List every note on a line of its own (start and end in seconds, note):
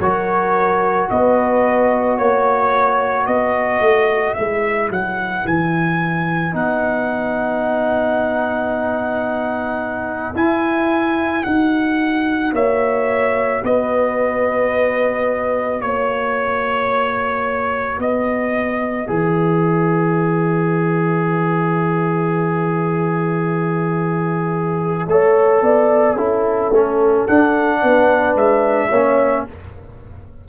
0.00 1.09 F#3
0.00 4.37 F#4
0.00 1.11 A#4
0.00 1.10 C#5
1.10 2.19 B3
1.10 2.19 B4
1.10 2.18 D#5
2.18 3.28 A#3
2.18 3.27 C#5
3.27 3.81 B3
3.27 12.54 B4
3.27 4.34 D#5
3.81 4.35 A3
4.34 4.90 G#3
4.34 6.53 E4
4.34 4.89 E5
4.90 5.45 F#3
4.90 5.47 F#5
5.45 6.54 E3
5.45 6.55 G#5
6.53 10.35 B3
6.53 10.35 D#4
6.53 10.37 F#5
10.35 11.45 E4
10.35 11.44 E4
10.35 11.44 G#5
11.44 12.53 D#4
11.44 19.07 F#4
11.44 12.53 F#5
12.53 13.62 A#3
12.53 13.64 C#5
12.53 13.64 E5
13.64 15.81 B3
13.64 15.83 B4
13.64 15.82 D#5
15.81 17.99 A#3
15.81 18.00 C#5
15.81 17.99 C#5
17.99 19.08 B3
17.99 25.08 B4
17.99 19.09 D#5
19.07 25.07 E3
19.07 25.07 G#4
19.07 27.27 E5
25.07 25.62 A3
25.07 26.17 A4
25.07 25.64 C#5
25.62 26.16 B3
25.62 26.16 D5
26.16 26.70 C#4
26.16 26.72 E4
26.16 27.80 A4
26.70 27.25 A3
26.70 27.29 C#4
27.28 27.83 D4
27.28 28.93 D4
27.28 28.37 F#5
27.82 28.35 B3
27.82 28.89 B4
28.35 28.90 G#3
28.35 29.47 E5
28.89 29.46 A#3
28.89 29.49 C#4
28.89 29.44 C#5